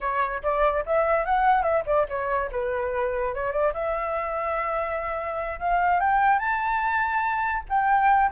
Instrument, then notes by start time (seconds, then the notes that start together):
flute
0.01 C#5
0.43 D5
0.86 E5
1.25 F#5
1.62 E5
1.86 D5
2.08 C#5
2.51 B4
3.34 C#5
3.52 D5
3.73 E5
5.59 F5
6.00 G5
6.39 A5
7.69 G5